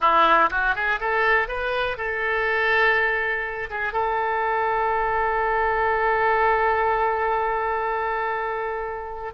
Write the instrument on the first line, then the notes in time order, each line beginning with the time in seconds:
oboe
0.00 E4
0.50 F#4
0.75 G#4
1.00 A4
1.48 B4
1.97 A4
3.70 G#4
3.92 A4